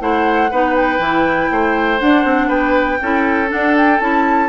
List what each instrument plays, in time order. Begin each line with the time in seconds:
0.00 bassoon A3, clarinet E4, oboe C5, flute F#5
0.51 bassoon B3, clarinet D#4, oboe B4
0.76 flute G5
0.99 bassoon E3, clarinet E4
1.51 bassoon A3, oboe C5
1.99 clarinet D4, bassoon D4, flute F#5
2.24 bassoon C4
2.48 bassoon B3, oboe B4, flute G5
3.01 bassoon C#4, clarinet E4, oboe A4
3.48 clarinet D4, flute F#5
3.54 bassoon D4
3.77 flute G5
4.00 bassoon C#4, clarinet E4, flute A5